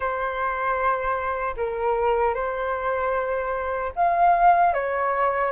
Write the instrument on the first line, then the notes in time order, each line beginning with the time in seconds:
flute
0.00 C5
1.56 A#4
2.34 C5
3.95 F5
4.73 C#5